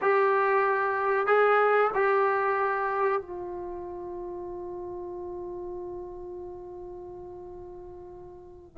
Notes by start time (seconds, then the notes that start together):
0.01 G4
1.26 G#4
1.94 G4
3.21 F4